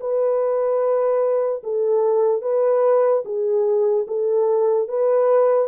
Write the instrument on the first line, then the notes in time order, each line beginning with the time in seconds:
horn
0.00 B4
1.63 A4
2.42 B4
3.25 G#4
4.08 A4
4.88 B4